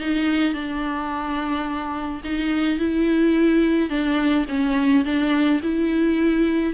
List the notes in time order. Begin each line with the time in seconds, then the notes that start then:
0.00 D#4
0.53 D4
2.24 D#4
2.79 E4
3.89 D4
4.48 C#4
5.04 D4
5.62 E4